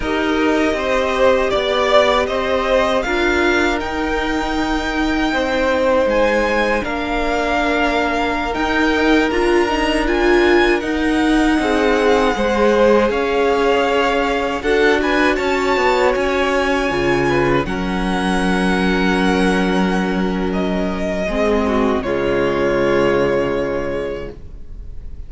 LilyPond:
<<
  \new Staff \with { instrumentName = "violin" } { \time 4/4 \tempo 4 = 79 dis''2 d''4 dis''4 | f''4 g''2. | gis''4 f''2~ f''16 g''8.~ | g''16 ais''4 gis''4 fis''4.~ fis''16~ |
fis''4~ fis''16 f''2 fis''8 gis''16~ | gis''16 a''4 gis''2 fis''8.~ | fis''2. dis''4~ | dis''4 cis''2. | }
  \new Staff \with { instrumentName = "violin" } { \time 4/4 ais'4 c''4 d''4 c''4 | ais'2. c''4~ | c''4 ais'2.~ | ais'2.~ ais'16 gis'8.~ |
gis'16 c''4 cis''2 a'8 b'16~ | b'16 cis''2~ cis''8 b'8 ais'8.~ | ais'1 | gis'8 fis'8 f'2. | }
  \new Staff \with { instrumentName = "viola" } { \time 4/4 g'1 | f'4 dis'2.~ | dis'4 d'2~ d'16 dis'8.~ | dis'16 f'8 dis'8 f'4 dis'4.~ dis'16~ |
dis'16 gis'2. fis'8.~ | fis'2~ fis'16 f'4 cis'8.~ | cis'1 | c'4 gis2. | }
  \new Staff \with { instrumentName = "cello" } { \time 4/4 dis'4 c'4 b4 c'4 | d'4 dis'2 c'4 | gis4 ais2~ ais16 dis'8.~ | dis'16 d'2 dis'4 c'8.~ |
c'16 gis4 cis'2 d'8.~ | d'16 cis'8 b8 cis'4 cis4 fis8.~ | fis1 | gis4 cis2. | }
>>